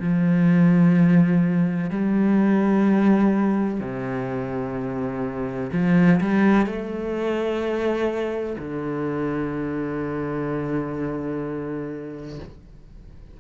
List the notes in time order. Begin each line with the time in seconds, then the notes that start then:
0.00 F3
1.90 G3
3.80 C3
5.73 F3
6.21 G3
6.66 A3
8.58 D3